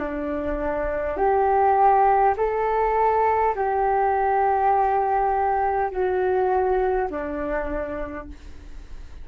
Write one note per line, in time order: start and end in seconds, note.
0.00 1.18 D4
1.18 2.35 G4
2.37 3.55 A4
3.56 5.91 G4
5.91 7.09 F#4
7.11 8.28 D4